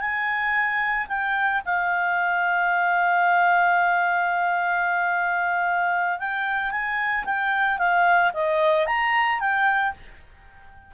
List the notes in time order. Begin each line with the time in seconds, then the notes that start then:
0.00 G#5
1.08 G5
1.66 F5
6.20 G5
6.71 G#5
7.25 G5
7.78 F5
8.34 D#5
8.86 A#5
9.40 G5